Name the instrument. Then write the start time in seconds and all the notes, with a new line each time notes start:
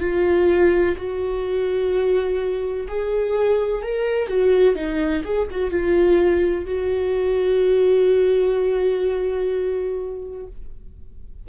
viola
0.00 F4
0.97 F#4
2.88 G#4
3.83 A#4
4.28 F#4
4.75 D#4
5.24 G#4
5.51 F#4
5.71 F4
6.66 F#4